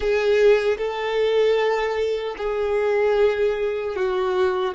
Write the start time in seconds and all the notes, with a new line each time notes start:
0.00 G#4
0.77 A4
2.37 G#4
3.95 F#4